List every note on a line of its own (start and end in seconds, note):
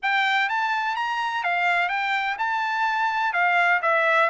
0.02 0.49 G5
0.49 0.95 A5
0.95 1.43 A#5
1.43 1.89 F5
1.89 2.36 G5
2.38 3.33 A5
3.33 3.80 F5
3.82 4.29 E5